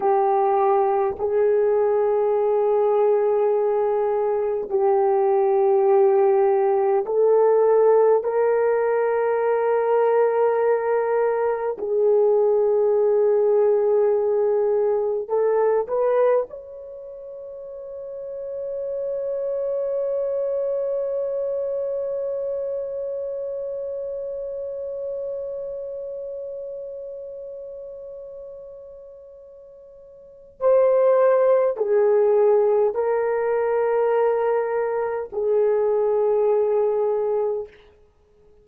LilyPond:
\new Staff \with { instrumentName = "horn" } { \time 4/4 \tempo 4 = 51 g'4 gis'2. | g'2 a'4 ais'4~ | ais'2 gis'2~ | gis'4 a'8 b'8 cis''2~ |
cis''1~ | cis''1~ | cis''2 c''4 gis'4 | ais'2 gis'2 | }